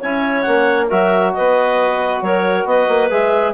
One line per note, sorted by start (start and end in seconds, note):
0.00 0.46 C#4
0.00 0.46 E4
0.00 0.87 C#5
0.00 0.42 G#5
0.42 0.91 A#3
0.42 0.89 C#4
0.42 0.86 F#5
0.87 1.35 F#3
0.87 3.10 F#4
0.87 1.32 A#4
0.87 1.33 E5
1.33 2.22 B3
1.33 2.24 B4
1.33 2.21 D#5
2.22 2.65 F#3
2.22 2.68 A#4
2.22 2.66 C#5
2.65 2.87 B3
2.65 3.53 B4
2.65 3.11 D#5
2.88 3.10 A#3
3.10 3.53 G#3
3.10 3.53 G#4
3.10 3.53 E5